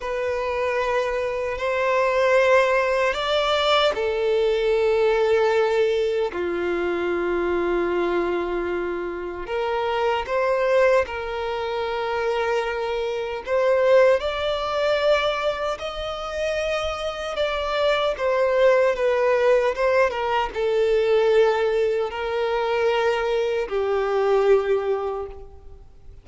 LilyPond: \new Staff \with { instrumentName = "violin" } { \time 4/4 \tempo 4 = 76 b'2 c''2 | d''4 a'2. | f'1 | ais'4 c''4 ais'2~ |
ais'4 c''4 d''2 | dis''2 d''4 c''4 | b'4 c''8 ais'8 a'2 | ais'2 g'2 | }